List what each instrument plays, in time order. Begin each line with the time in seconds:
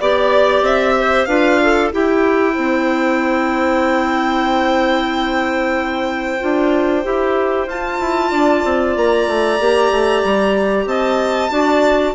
0.00 bassoon B3, clarinet G4 D5, violin D5
0.62 bassoon C4, violin E5
1.00 clarinet C5
1.26 bassoon D4, clarinet F4 B4, violin F5
1.63 clarinet A4
1.92 clarinet E4 G4, bassoon E4, violin G5
2.54 bassoon C4, clarinet C5
6.40 bassoon D4, clarinet F4
7.04 bassoon E4, clarinet G4
7.67 bassoon F4, clarinet F4, violin A5
8.01 bassoon E4
8.32 bassoon D4, clarinet D5
8.65 bassoon C4
8.97 bassoon A#3, violin A#5
9.28 bassoon A3
9.60 bassoon A#3, clarinet G4
9.91 bassoon A3
10.24 bassoon G3
10.86 bassoon C4, clarinet D#5, violin A5
11.51 bassoon D4, clarinet F#4 D5